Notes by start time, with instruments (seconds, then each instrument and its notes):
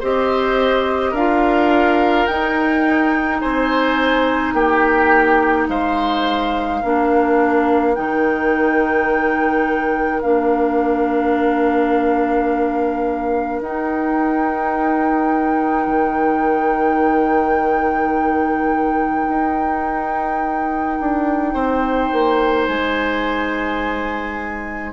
0.00 bassoon C4, clarinet G4, oboe C5, flute D#5
1.11 bassoon D4, clarinet F4, oboe A#4, flute F5
2.26 bassoon D#4, clarinet D#4, flute G5
3.40 bassoon C4, oboe C5, flute G#5
4.54 bassoon A#3, oboe G4, flute G5
5.69 bassoon G#3, oboe C5, flute F5
6.81 bassoon A#3, clarinet D4, oboe A#4
7.95 bassoon D#3, clarinet D#4, flute G5
10.22 bassoon A#3, clarinet D4, flute F5
13.61 bassoon D#4, clarinet D#4, flute G5
15.87 bassoon D#3
19.29 bassoon D#4
21.01 bassoon D4
21.54 bassoon C4, oboe C5
22.12 bassoon A#3
22.67 bassoon G#3, flute G#5